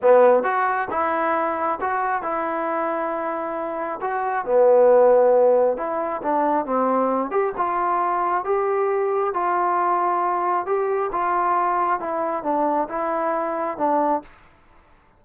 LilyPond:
\new Staff \with { instrumentName = "trombone" } { \time 4/4 \tempo 4 = 135 b4 fis'4 e'2 | fis'4 e'2.~ | e'4 fis'4 b2~ | b4 e'4 d'4 c'4~ |
c'8 g'8 f'2 g'4~ | g'4 f'2. | g'4 f'2 e'4 | d'4 e'2 d'4 | }